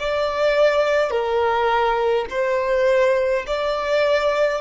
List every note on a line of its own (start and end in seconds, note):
0.00 1.11 D5
1.11 2.26 A#4
2.30 3.46 C5
3.47 4.62 D5